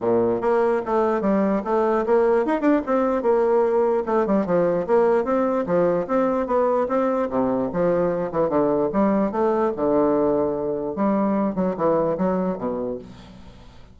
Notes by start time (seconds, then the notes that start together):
0.00 A#2
0.41 A#3
0.85 A3
1.21 G3
1.64 A3
2.06 A#3
2.45 D#4
2.61 D4
2.86 C4
3.22 A#3
4.06 A3
4.26 G3
4.46 F3
4.86 A#3
5.24 C4
5.66 F3
6.07 C4
6.46 B3
6.88 C4
7.30 C3
7.72 F3
8.31 E3
8.49 D3
8.92 G3
9.31 A3
9.76 D3
10.95 G3
11.55 F#3
11.76 E3
12.17 F#3
12.57 B2